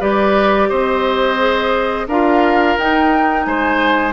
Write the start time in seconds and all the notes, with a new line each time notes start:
0.00 G3 G4 B4 D5
0.70 C4 C5 D#5
1.38 G#4
2.08 D4 F4 A#4 F5
2.78 D#4 G5
3.45 G#3 C5 G#5